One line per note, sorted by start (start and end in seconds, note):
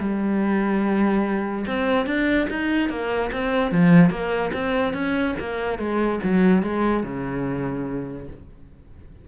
0.00 1.66 G3
1.67 2.07 C4
2.07 2.48 D4
2.50 2.90 D#4
2.90 3.31 A#3
3.33 3.72 C4
3.72 4.10 F3
4.10 4.52 A#3
4.53 4.94 C4
4.94 5.35 C#4
5.40 5.79 A#3
5.79 6.20 G#3
6.24 6.63 F#3
6.63 7.04 G#3
7.04 8.28 C#3